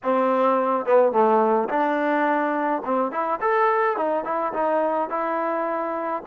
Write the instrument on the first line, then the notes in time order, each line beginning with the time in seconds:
trombone
0.03 C4
0.85 B3
1.12 A3
1.69 D4
2.85 C4
3.11 E4
3.41 A4
3.96 D#4
4.24 E4
4.53 D#4
5.09 E4